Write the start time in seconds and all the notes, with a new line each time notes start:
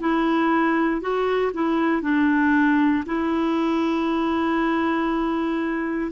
0.00 E4
1.01 F#4
1.53 E4
2.02 D4
3.06 E4